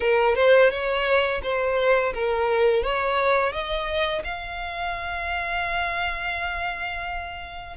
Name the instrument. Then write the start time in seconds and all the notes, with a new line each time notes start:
violin
0.00 A#4
0.35 C5
0.70 C#5
1.42 C5
2.13 A#4
2.83 C#5
3.52 D#5
4.24 F5